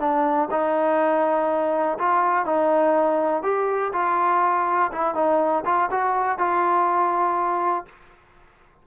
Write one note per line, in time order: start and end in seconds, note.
0.00 0.49 D4
0.51 1.99 D#4
1.99 2.46 F4
2.46 3.43 D#4
3.43 3.92 G4
3.93 4.92 F4
4.93 5.15 E4
5.15 5.64 D#4
5.66 5.90 F4
5.91 6.39 F#4
6.39 7.86 F4